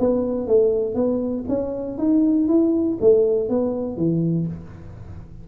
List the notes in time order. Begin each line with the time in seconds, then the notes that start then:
0.00 B3
0.47 A3
0.95 B3
1.49 C#4
1.98 D#4
2.48 E4
3.01 A3
3.49 B3
3.97 E3